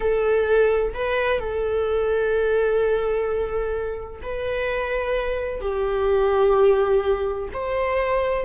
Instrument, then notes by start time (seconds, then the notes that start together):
viola
0.00 A4
0.94 B4
1.39 A4
4.22 B4
5.60 G4
7.53 C5